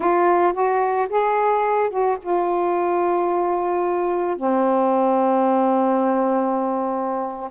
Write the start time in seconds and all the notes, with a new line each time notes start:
0.00 F4
0.53 F#4
1.09 G#4
1.89 F#4
2.22 F4
4.36 C4